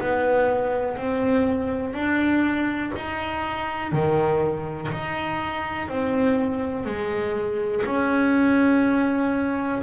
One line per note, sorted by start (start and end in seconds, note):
0.00 0.97 B3
0.97 1.94 C4
1.94 2.92 D4
2.96 3.93 D#4
3.93 4.91 D#3
4.92 5.89 D#4
5.89 6.86 C4
6.86 7.85 G#3
7.86 9.83 C#4